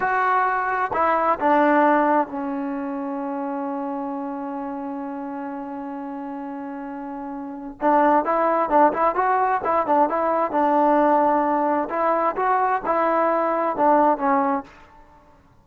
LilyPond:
\new Staff \with { instrumentName = "trombone" } { \time 4/4 \tempo 4 = 131 fis'2 e'4 d'4~ | d'4 cis'2.~ | cis'1~ | cis'1~ |
cis'4 d'4 e'4 d'8 e'8 | fis'4 e'8 d'8 e'4 d'4~ | d'2 e'4 fis'4 | e'2 d'4 cis'4 | }